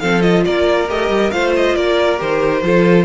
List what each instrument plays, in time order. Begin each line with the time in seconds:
0.00 cello F3, viola C4, violin A4 F5
0.22 viola F4, violin D#5
0.45 cello A#3, violin A#4 D5
0.88 cello A3, viola G4, violin D#5
1.09 cello G3
1.31 cello A3, viola F4, violin C5 F5
1.56 violin D#5
1.76 cello A#3, violin A#4 D5
2.18 cello D#3, viola G4, violin C5
2.63 cello F3, viola F4, violin A4